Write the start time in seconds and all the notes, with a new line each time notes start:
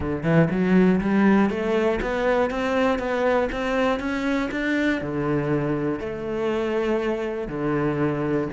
0.00 D3
0.23 E3
0.50 F#3
1.00 G3
1.50 A3
2.01 B3
2.50 C4
2.99 B3
3.52 C4
3.99 C#4
4.51 D4
5.01 D3
5.99 A3
7.48 D3